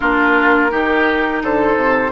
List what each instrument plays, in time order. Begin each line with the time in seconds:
0.00 bassoon A#3, clarinet D4, oboe F4, flute A#4
0.69 bassoon D#3, clarinet D#4, oboe G4
1.43 bassoon D3, oboe A4, flute C5
1.76 bassoon C3